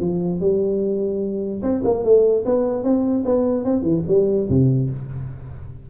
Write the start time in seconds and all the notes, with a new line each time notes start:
0.00 F3
0.40 G3
1.62 C4
1.84 A#3
2.04 A3
2.45 B3
2.83 C4
3.25 B3
3.64 C4
3.82 E3
4.08 G3
4.49 C3